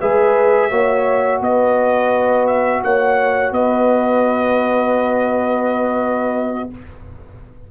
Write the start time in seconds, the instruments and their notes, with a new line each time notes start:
0.00 tuba G#3, trombone G#4, horn B4, trumpet E5
0.70 tuba A#3, trombone F#4, horn C#5
1.41 tuba B3, horn B4, trumpet D#5
2.47 trumpet E5
2.83 tuba A#3, horn C#5, trumpet F#5
3.52 tuba B3, horn B4, trumpet D#5